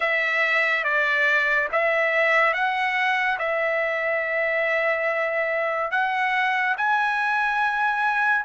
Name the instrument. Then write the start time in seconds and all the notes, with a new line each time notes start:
trumpet
0.00 E5
0.83 D5
1.72 E5
2.53 F#5
3.38 E5
5.91 F#5
6.77 G#5